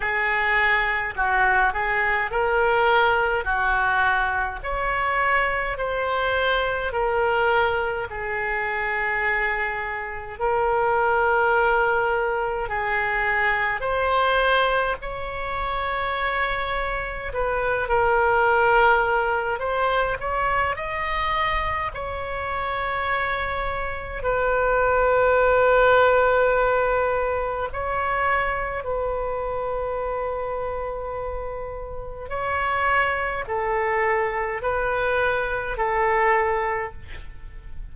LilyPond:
\new Staff \with { instrumentName = "oboe" } { \time 4/4 \tempo 4 = 52 gis'4 fis'8 gis'8 ais'4 fis'4 | cis''4 c''4 ais'4 gis'4~ | gis'4 ais'2 gis'4 | c''4 cis''2 b'8 ais'8~ |
ais'4 c''8 cis''8 dis''4 cis''4~ | cis''4 b'2. | cis''4 b'2. | cis''4 a'4 b'4 a'4 | }